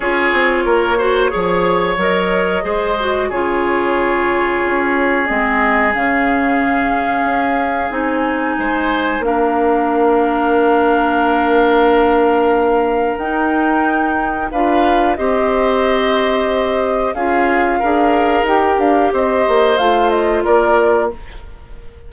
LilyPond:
<<
  \new Staff \with { instrumentName = "flute" } { \time 4/4 \tempo 4 = 91 cis''2. dis''4~ | dis''4 cis''2. | dis''4 f''2. | gis''2 f''2~ |
f''1 | g''2 f''4 dis''4~ | dis''2 f''2 | g''8 f''8 dis''4 f''8 dis''8 d''4 | }
  \new Staff \with { instrumentName = "oboe" } { \time 4/4 gis'4 ais'8 c''8 cis''2 | c''4 gis'2.~ | gis'1~ | gis'4 c''4 ais'2~ |
ais'1~ | ais'2 b'4 c''4~ | c''2 gis'4 ais'4~ | ais'4 c''2 ais'4 | }
  \new Staff \with { instrumentName = "clarinet" } { \time 4/4 f'4. fis'8 gis'4 ais'4 | gis'8 fis'8 f'2. | c'4 cis'2. | dis'2 d'2~ |
d'1 | dis'2 f'4 g'4~ | g'2 f'4 gis'4 | g'2 f'2 | }
  \new Staff \with { instrumentName = "bassoon" } { \time 4/4 cis'8 c'8 ais4 f4 fis4 | gis4 cis2 cis'4 | gis4 cis2 cis'4 | c'4 gis4 ais2~ |
ais1 | dis'2 d'4 c'4~ | c'2 cis'4 d'4 | dis'8 d'8 c'8 ais8 a4 ais4 | }
>>